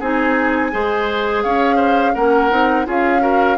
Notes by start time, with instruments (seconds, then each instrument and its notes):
0.00 bassoon C4, clarinet D#4, oboe G#4, flute G#5
0.72 bassoon G#3, clarinet G#4, oboe C5
1.43 bassoon C#4, oboe C#5, flute F5
1.76 oboe C5
2.15 bassoon A#3, clarinet C#4, oboe A#4, flute F#5
2.51 bassoon C4, clarinet D#4
2.86 bassoon C#4, clarinet F4, oboe G#4, flute F5
3.20 clarinet F#4, oboe A#4